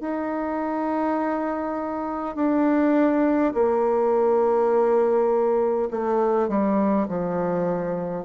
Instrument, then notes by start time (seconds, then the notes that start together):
bassoon
0.00 D#4
2.35 D4
3.53 A#3
5.90 A3
6.48 G3
7.08 F3